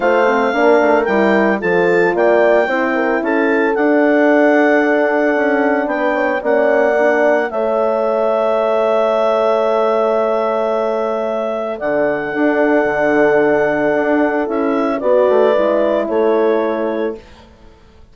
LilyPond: <<
  \new Staff \with { instrumentName = "clarinet" } { \time 4/4 \tempo 4 = 112 f''2 g''4 a''4 | g''2 a''4 fis''4~ | fis''2. g''4 | fis''2 e''2~ |
e''1~ | e''2 fis''2~ | fis''2. e''4 | d''2 cis''2 | }
  \new Staff \with { instrumentName = "horn" } { \time 4/4 c''4 ais'2 a'4 | d''4 c''8 ais'8 a'2~ | a'2. b'8 cis''8 | d''2 cis''2~ |
cis''1~ | cis''2 d''4 a'4~ | a'1 | b'2 a'2 | }
  \new Staff \with { instrumentName = "horn" } { \time 4/4 f'8 c'8 d'4 e'4 f'4~ | f'4 e'2 d'4~ | d'1 | cis'4 d'4 a'2~ |
a'1~ | a'2. d'4~ | d'2. e'4 | fis'4 e'2. | }
  \new Staff \with { instrumentName = "bassoon" } { \time 4/4 a4 ais8 a8 g4 f4 | ais4 c'4 cis'4 d'4~ | d'2 cis'4 b4 | ais2 a2~ |
a1~ | a2 d4 d'4 | d2 d'4 cis'4 | b8 a8 gis4 a2 | }
>>